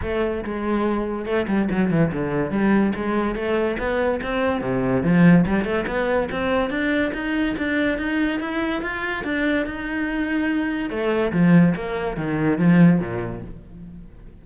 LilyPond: \new Staff \with { instrumentName = "cello" } { \time 4/4 \tempo 4 = 143 a4 gis2 a8 g8 | fis8 e8 d4 g4 gis4 | a4 b4 c'4 c4 | f4 g8 a8 b4 c'4 |
d'4 dis'4 d'4 dis'4 | e'4 f'4 d'4 dis'4~ | dis'2 a4 f4 | ais4 dis4 f4 ais,4 | }